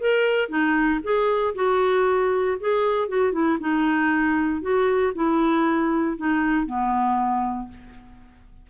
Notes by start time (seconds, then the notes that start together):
0.00 A#4
0.49 D#4
1.03 G#4
1.55 F#4
2.60 G#4
3.08 F#4
3.32 E4
3.60 D#4
4.61 F#4
5.14 E4
6.17 D#4
6.66 B3